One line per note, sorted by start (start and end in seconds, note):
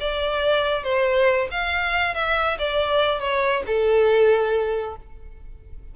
0.00 0.83 D5
0.83 1.48 C5
1.51 2.14 F5
2.14 2.57 E5
2.58 3.20 D5
3.20 3.63 C#5
3.66 4.96 A4